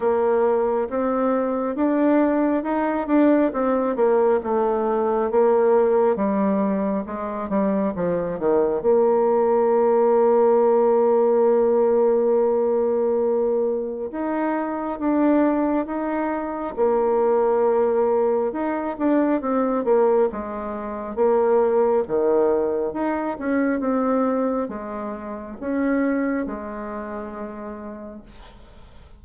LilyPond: \new Staff \with { instrumentName = "bassoon" } { \time 4/4 \tempo 4 = 68 ais4 c'4 d'4 dis'8 d'8 | c'8 ais8 a4 ais4 g4 | gis8 g8 f8 dis8 ais2~ | ais1 |
dis'4 d'4 dis'4 ais4~ | ais4 dis'8 d'8 c'8 ais8 gis4 | ais4 dis4 dis'8 cis'8 c'4 | gis4 cis'4 gis2 | }